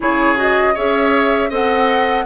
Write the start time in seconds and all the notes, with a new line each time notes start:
0.00 C#3 E4 G#4 C#5
0.35 F#4 D#5
0.74 C#4 G#4 C#5 E5
1.49 C4 A4 D#5 F#5